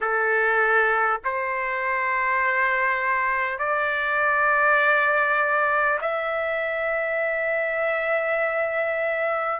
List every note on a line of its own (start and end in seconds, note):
0.00 1.20 A4
1.24 3.58 C5
3.58 5.98 D5
6.01 9.59 E5